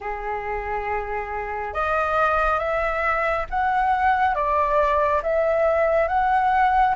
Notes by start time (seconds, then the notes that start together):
0.00 G#4
1.73 D#5
2.59 E5
3.49 F#5
4.34 D5
5.23 E5
6.08 F#5